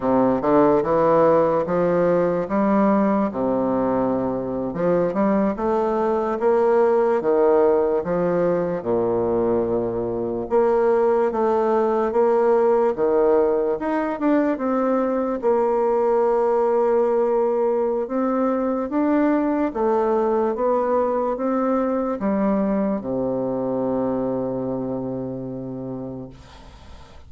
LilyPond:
\new Staff \with { instrumentName = "bassoon" } { \time 4/4 \tempo 4 = 73 c8 d8 e4 f4 g4 | c4.~ c16 f8 g8 a4 ais16~ | ais8. dis4 f4 ais,4~ ais,16~ | ais,8. ais4 a4 ais4 dis16~ |
dis8. dis'8 d'8 c'4 ais4~ ais16~ | ais2 c'4 d'4 | a4 b4 c'4 g4 | c1 | }